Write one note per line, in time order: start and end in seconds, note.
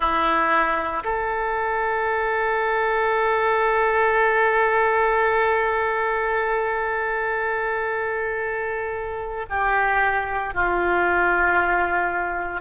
0.00 1.03 E4
1.03 9.45 A4
9.49 10.54 G4
10.54 12.60 F4